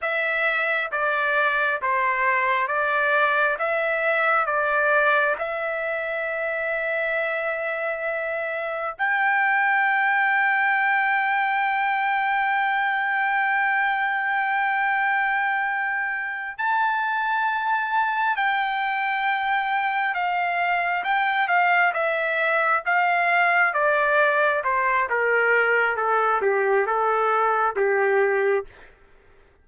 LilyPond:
\new Staff \with { instrumentName = "trumpet" } { \time 4/4 \tempo 4 = 67 e''4 d''4 c''4 d''4 | e''4 d''4 e''2~ | e''2 g''2~ | g''1~ |
g''2~ g''8 a''4.~ | a''8 g''2 f''4 g''8 | f''8 e''4 f''4 d''4 c''8 | ais'4 a'8 g'8 a'4 g'4 | }